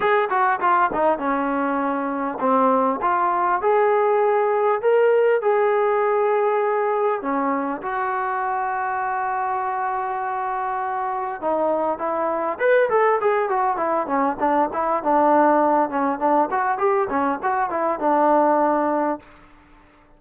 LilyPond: \new Staff \with { instrumentName = "trombone" } { \time 4/4 \tempo 4 = 100 gis'8 fis'8 f'8 dis'8 cis'2 | c'4 f'4 gis'2 | ais'4 gis'2. | cis'4 fis'2.~ |
fis'2. dis'4 | e'4 b'8 a'8 gis'8 fis'8 e'8 cis'8 | d'8 e'8 d'4. cis'8 d'8 fis'8 | g'8 cis'8 fis'8 e'8 d'2 | }